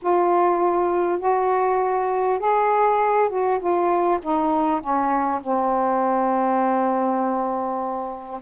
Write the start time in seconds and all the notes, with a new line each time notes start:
0.02 F4
1.19 F#4
2.39 G#4
3.29 F#4
3.59 F4
4.22 D#4
4.81 C#4
5.41 C4